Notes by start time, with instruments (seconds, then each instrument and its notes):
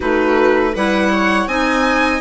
0.00 bassoon A3, clarinet D#4, viola F#4, violin B4
0.72 bassoon G3, clarinet E4, viola B4, violin F#5
1.12 viola C#5
1.46 bassoon C4, clarinet D#4, viola D#5, violin G#5